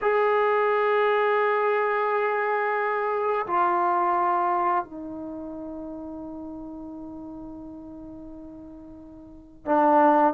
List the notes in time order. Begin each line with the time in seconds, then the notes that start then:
0.01 G#4
3.47 F4
4.84 D#4
9.66 D4